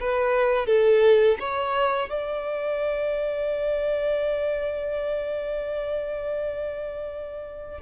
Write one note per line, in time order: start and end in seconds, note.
0.00 0.66 B4
0.66 1.38 A4
1.39 2.10 C#5
2.10 7.81 D5